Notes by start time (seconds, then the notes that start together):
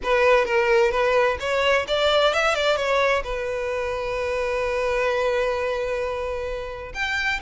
0.03 B4
0.45 A#4
0.91 B4
1.40 C#5
1.87 D5
2.33 E5
2.54 D5
2.76 C#5
3.23 B4
6.93 G5